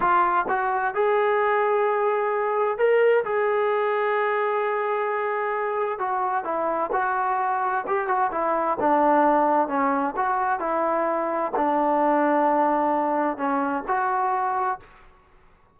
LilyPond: \new Staff \with { instrumentName = "trombone" } { \time 4/4 \tempo 4 = 130 f'4 fis'4 gis'2~ | gis'2 ais'4 gis'4~ | gis'1~ | gis'4 fis'4 e'4 fis'4~ |
fis'4 g'8 fis'8 e'4 d'4~ | d'4 cis'4 fis'4 e'4~ | e'4 d'2.~ | d'4 cis'4 fis'2 | }